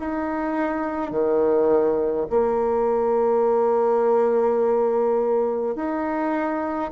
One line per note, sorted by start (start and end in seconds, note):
0.00 1.11 D#4
1.11 2.27 D#3
2.30 5.76 A#3
5.76 6.91 D#4